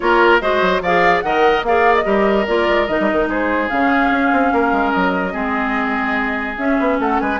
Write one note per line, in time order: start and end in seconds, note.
0.00 0.41 A#3
0.00 0.40 F4
0.00 0.41 A#4
0.00 0.38 C#5
0.40 0.61 G#3
0.40 0.81 F#4
0.40 0.82 C5
0.40 0.81 D#5
0.61 0.81 F#3
0.81 1.22 F3
0.81 1.24 G#4
0.81 1.23 D5
0.81 1.20 F5
1.20 1.62 D#3
1.20 1.65 A#4
1.20 1.66 D#5
1.20 1.62 F#5
1.62 2.03 A#3
1.62 2.03 G#4
1.62 2.04 D5
1.62 1.95 F5
1.95 2.46 D#5
2.03 2.46 G3
2.03 2.44 G4
2.03 3.28 A#4
2.46 2.68 A#3
2.46 2.88 F4
2.46 2.86 D5
2.68 2.88 G#3
2.86 2.99 D#3
2.86 3.69 D#4
2.86 3.27 D#5
3.00 3.10 G3
3.11 3.27 D#3
3.27 3.68 G#3
3.27 4.52 G#4
3.27 3.68 C5
3.68 4.10 C#3
3.68 5.31 C#4
3.68 4.91 F5
4.10 4.31 C#4
4.32 4.52 C4
4.53 4.72 A#3
4.53 5.32 A#4
4.72 4.92 G#3
4.91 5.34 F#3
4.91 6.56 D#5
5.31 6.57 G#3
5.31 6.55 C4
5.31 6.97 G#4
6.57 6.78 C#4
6.57 7.39 C#4
6.57 6.98 E5
6.79 6.99 B3
6.99 7.19 A3
6.99 7.21 A4
6.99 7.20 F#5
7.20 7.39 G#3
7.20 7.39 B4
7.20 7.39 G#5